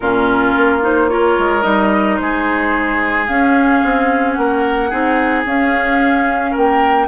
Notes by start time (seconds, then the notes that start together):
0.00 A#2 C#4 F4 A#4
0.57 A#3
0.82 D#4 C5
1.09 F4 A#4 C#5
1.38 G#3
1.61 G3 D#4 D#5
2.17 G#3 G#4 C5
3.26 C#4 F5
3.83 C4
4.32 A#3 F#5
4.39 A#4
4.89 C4 D#4 G#4
5.45 C#4 F5
6.51 A#3 A#4 G5